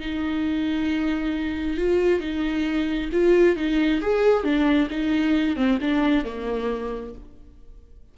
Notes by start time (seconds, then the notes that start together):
0.00 D#4
1.77 F4
2.20 D#4
3.12 F4
3.56 D#4
4.01 G#4
4.43 D4
4.90 D#4
5.56 C4
5.81 D4
6.25 A#3